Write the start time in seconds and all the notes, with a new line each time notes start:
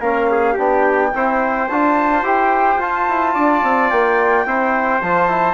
0.00 A#3 C#4 A#4 F5
0.31 G#4
0.53 B3 D4 G4 G5
1.13 C4 E4 C5
1.68 D4 F4 A5
2.23 E4 G4 G5
2.75 F4 A5
3.09 E4
3.34 D4 D5
3.63 C4
3.90 A#3 G5
4.46 C4 E4 C5
5.02 F3 F4 A5
5.29 E4